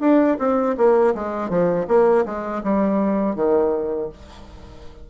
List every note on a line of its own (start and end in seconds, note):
0.00 0.37 D4
0.38 0.75 C4
0.77 1.14 A#3
1.14 1.49 G#3
1.49 1.86 F3
1.88 2.25 A#3
2.25 2.62 G#3
2.63 3.35 G3
3.35 4.09 D#3